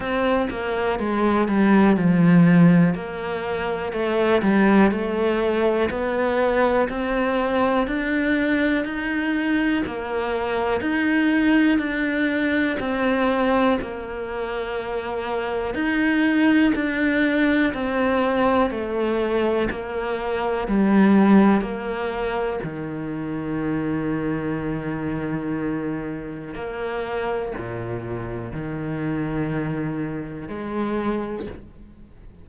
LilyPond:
\new Staff \with { instrumentName = "cello" } { \time 4/4 \tempo 4 = 61 c'8 ais8 gis8 g8 f4 ais4 | a8 g8 a4 b4 c'4 | d'4 dis'4 ais4 dis'4 | d'4 c'4 ais2 |
dis'4 d'4 c'4 a4 | ais4 g4 ais4 dis4~ | dis2. ais4 | ais,4 dis2 gis4 | }